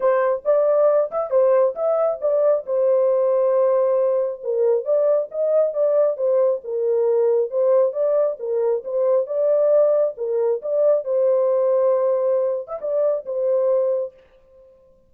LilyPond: \new Staff \with { instrumentName = "horn" } { \time 4/4 \tempo 4 = 136 c''4 d''4. e''8 c''4 | e''4 d''4 c''2~ | c''2 ais'4 d''4 | dis''4 d''4 c''4 ais'4~ |
ais'4 c''4 d''4 ais'4 | c''4 d''2 ais'4 | d''4 c''2.~ | c''8. e''16 d''4 c''2 | }